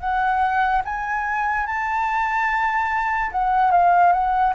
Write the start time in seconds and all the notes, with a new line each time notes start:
0.00 F#5
0.85 G#5
1.67 A5
3.31 F#5
3.71 F5
4.12 F#5